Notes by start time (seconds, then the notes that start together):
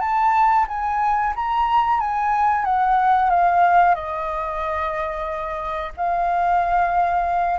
0.00 A5
0.68 G#5
1.35 A#5
2.00 G#5
2.65 F#5
3.30 F5
3.95 D#5
5.96 F5